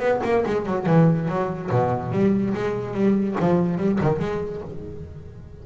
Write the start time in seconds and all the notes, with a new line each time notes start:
0.00 B3
0.24 A#3
0.47 G#3
0.67 F#3
0.87 E3
1.29 F#3
1.71 B2
2.12 G3
2.55 G#3
2.94 G3
3.41 F3
3.79 G3
4.01 D#3
4.20 G#3